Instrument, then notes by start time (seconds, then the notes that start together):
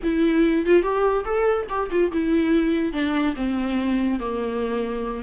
viola
0.03 E4
0.66 F4
0.82 G4
1.25 A4
1.69 G4
1.90 F4
2.12 E4
2.93 D4
3.35 C4
4.19 A#3